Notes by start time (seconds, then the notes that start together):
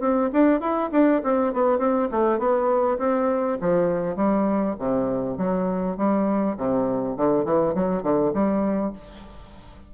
0.00 C4
0.33 D4
0.60 E4
0.92 D4
1.23 C4
1.53 B3
1.78 C4
2.11 A3
2.38 B3
2.98 C4
3.61 F3
4.16 G3
4.79 C3
5.38 F#3
5.97 G3
6.57 C3
7.17 D3
7.45 E3
7.74 F#3
8.03 D3
8.33 G3